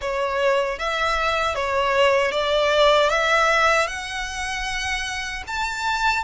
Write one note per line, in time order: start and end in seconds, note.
0.01 0.79 C#5
0.79 1.55 E5
1.55 2.31 C#5
2.31 3.09 D5
3.09 3.87 E5
3.87 5.43 F#5
5.47 6.24 A5